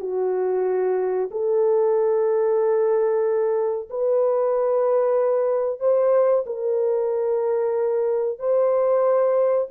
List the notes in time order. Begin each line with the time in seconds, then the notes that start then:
0.00 F#4
1.31 A4
3.90 B4
5.80 C5
6.46 A#4
8.39 C5